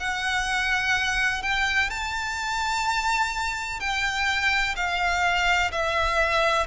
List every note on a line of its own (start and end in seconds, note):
0.00 1.43 F#5
1.43 1.90 G5
1.90 3.80 A5
3.80 4.75 G5
4.77 5.72 F5
5.72 6.68 E5